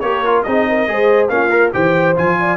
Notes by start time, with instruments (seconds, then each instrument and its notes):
0.00 tuba A#3, trombone G4, horn A#4, trumpet C#5
0.25 trombone F4
0.43 tuba C4, trombone D#4, horn G#4, trumpet D#5
0.69 horn A#4
0.87 tuba G#3, trombone G#4, horn C5
1.29 tuba A#3, trombone C#4, horn F4, trumpet F5
1.50 trombone A#4
1.73 tuba E3, trombone G4, horn C5, trumpet G5
2.16 tuba F3, trombone F4, trumpet G#5
2.40 horn D5